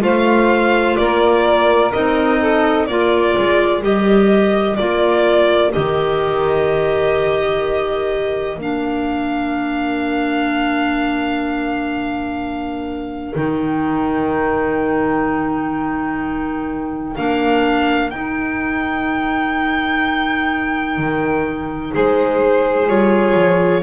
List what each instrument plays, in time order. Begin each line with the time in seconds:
0.00 double bass A3, clarinet F4, saxophone C5, violin F5
0.96 double bass A#3, saxophone A#4, violin D5
1.92 double bass C4, clarinet D#4, violin D#5
2.39 saxophone A4
2.86 double bass A#3, clarinet F4, saxophone A#4, violin D5
3.37 double bass G#3
3.82 double bass G3, clarinet G4, violin D#5
4.76 double bass A#3, clarinet F4, violin D5
5.72 double bass D#3, clarinet G4, violin D#5
8.57 double bass A#3, clarinet D4, violin F5
13.34 double bass D#3, clarinet D#4, violin G5
17.15 double bass A#3, clarinet D4, violin F5
18.10 double bass D#4, clarinet D#4, violin G5
20.97 double bass D#3
21.92 double bass G#3, saxophone G#4, violin C5
22.87 double bass G3, clarinet F4, violin C#5
23.35 double bass F3